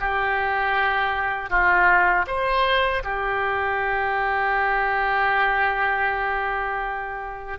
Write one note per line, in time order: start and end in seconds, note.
0.00 1.50 G4
1.50 2.26 F4
2.27 3.03 C5
3.04 7.59 G4